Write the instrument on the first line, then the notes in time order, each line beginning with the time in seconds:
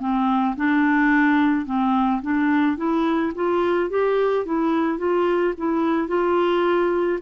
clarinet
0.00 C4
0.57 D4
1.66 C4
2.22 D4
2.77 E4
3.35 F4
3.90 G4
4.46 E4
4.98 F4
5.58 E4
6.08 F4